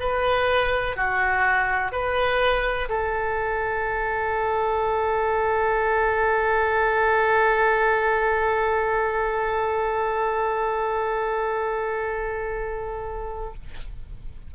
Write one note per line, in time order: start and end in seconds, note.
0.00 0.96 B4
0.96 1.92 F#4
1.92 2.89 B4
2.89 13.54 A4